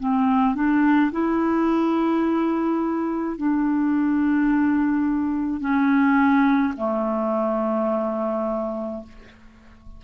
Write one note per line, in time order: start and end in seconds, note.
0.00 0.55 C4
0.55 1.11 D4
1.12 3.37 E4
3.37 5.60 D4
5.60 6.74 C#4
6.77 9.03 A3